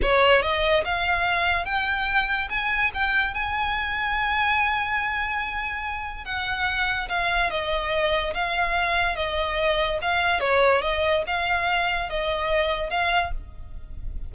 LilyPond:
\new Staff \with { instrumentName = "violin" } { \time 4/4 \tempo 4 = 144 cis''4 dis''4 f''2 | g''2 gis''4 g''4 | gis''1~ | gis''2. fis''4~ |
fis''4 f''4 dis''2 | f''2 dis''2 | f''4 cis''4 dis''4 f''4~ | f''4 dis''2 f''4 | }